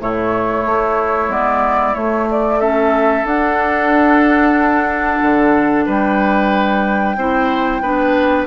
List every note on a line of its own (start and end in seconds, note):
0.00 0.65 A2
0.00 1.29 A3
0.00 2.59 E4
0.00 1.32 C#5
0.66 1.28 A3
1.28 1.94 G#3
1.28 1.94 B3
1.28 1.95 D5
1.94 2.59 A3
1.94 3.24 A3
1.94 2.27 C#5
2.31 2.60 D5
2.59 3.25 C#4
2.59 5.85 A4
2.59 3.26 E5
3.24 5.20 D4
3.24 7.16 D4
3.24 5.86 F#5
5.22 5.87 D3
5.86 7.16 G3
5.86 7.16 B4
5.86 8.46 G5
7.16 7.81 C4
7.16 7.83 E4
7.16 7.82 C5
7.81 8.46 B3
7.81 8.46 D4
7.81 8.46 B4